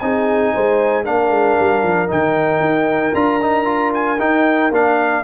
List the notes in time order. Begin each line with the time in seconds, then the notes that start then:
0.00 C4 D#4 G#4 G#5
0.54 G#3 C5
1.05 A#3 D4 A#4 F5
1.30 G#3
1.60 G3
1.83 F3
2.08 D#3 D#4 G5
2.60 D#4
3.15 D4 F4 A#5
3.42 D#4
3.65 F4
3.94 G#5
4.19 D#4 G5
4.71 A#3 D4 F5